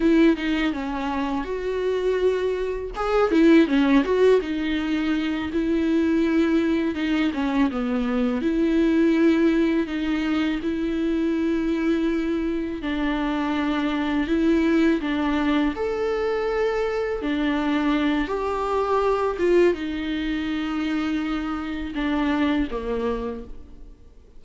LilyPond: \new Staff \with { instrumentName = "viola" } { \time 4/4 \tempo 4 = 82 e'8 dis'8 cis'4 fis'2 | gis'8 e'8 cis'8 fis'8 dis'4. e'8~ | e'4. dis'8 cis'8 b4 e'8~ | e'4. dis'4 e'4.~ |
e'4. d'2 e'8~ | e'8 d'4 a'2 d'8~ | d'4 g'4. f'8 dis'4~ | dis'2 d'4 ais4 | }